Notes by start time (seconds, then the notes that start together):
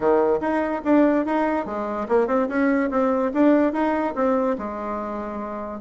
0.00 D#3
0.40 D#4
0.84 D4
1.25 D#4
1.65 G#3
2.08 A#3
2.27 C4
2.48 C#4
2.90 C4
3.33 D4
3.72 D#4
4.15 C4
4.57 G#3